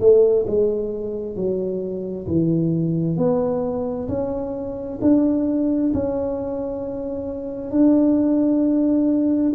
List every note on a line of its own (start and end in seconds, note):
0.00 0.45 A3
0.47 1.36 G#3
1.36 2.27 F#3
2.27 3.17 E3
3.17 4.08 B3
4.08 4.99 C#4
5.02 5.93 D4
5.94 7.71 C#4
7.71 9.53 D4